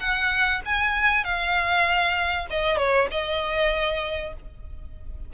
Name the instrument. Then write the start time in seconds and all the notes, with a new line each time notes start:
violin
0.00 F#5
0.65 G#5
1.24 F5
2.50 D#5
2.77 C#5
3.11 D#5